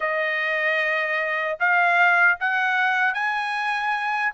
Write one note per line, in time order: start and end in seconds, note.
0.00 1.58 D#5
1.59 2.38 F5
2.40 3.14 F#5
3.14 4.32 G#5